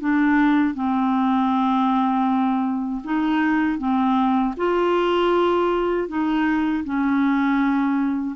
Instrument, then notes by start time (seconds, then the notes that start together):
clarinet
0.00 D4
0.74 C4
3.04 D#4
3.78 C4
4.57 F4
6.08 D#4
6.84 C#4